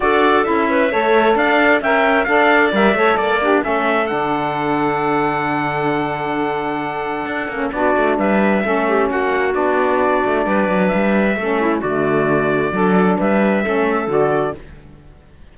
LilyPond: <<
  \new Staff \with { instrumentName = "trumpet" } { \time 4/4 \tempo 4 = 132 d''4 e''2 f''4 | g''4 f''4 e''4 d''4 | e''4 fis''2.~ | fis''1~ |
fis''4 d''4 e''2 | fis''4 d''2. | e''2 d''2~ | d''4 e''2 d''4 | }
  \new Staff \with { instrumentName = "clarinet" } { \time 4/4 a'4. b'8 cis''4 d''4 | e''4 d''4. cis''8 d''8 d'8 | a'1~ | a'1~ |
a'4 fis'4 b'4 a'8 g'8 | fis'2. b'4~ | b'4 a'8 e'8 fis'2 | a'4 b'4 a'2 | }
  \new Staff \with { instrumentName = "saxophone" } { \time 4/4 fis'4 e'4 a'2 | ais'4 a'4 ais'8 a'4 g'8 | cis'4 d'2.~ | d'1~ |
d'8 cis'8 d'2 cis'4~ | cis'4 d'2.~ | d'4 cis'4 a2 | d'2 cis'4 fis'4 | }
  \new Staff \with { instrumentName = "cello" } { \time 4/4 d'4 cis'4 a4 d'4 | cis'4 d'4 g8 a8 ais4 | a4 d2.~ | d1 |
d'8 ais8 b8 a8 g4 a4 | ais4 b4. a8 g8 fis8 | g4 a4 d2 | fis4 g4 a4 d4 | }
>>